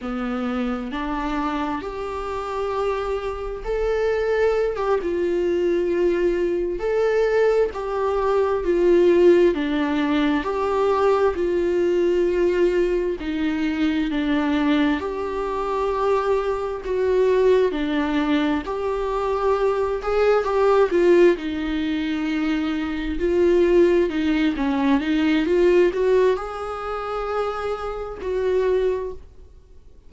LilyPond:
\new Staff \with { instrumentName = "viola" } { \time 4/4 \tempo 4 = 66 b4 d'4 g'2 | a'4~ a'16 g'16 f'2 a'8~ | a'8 g'4 f'4 d'4 g'8~ | g'8 f'2 dis'4 d'8~ |
d'8 g'2 fis'4 d'8~ | d'8 g'4. gis'8 g'8 f'8 dis'8~ | dis'4. f'4 dis'8 cis'8 dis'8 | f'8 fis'8 gis'2 fis'4 | }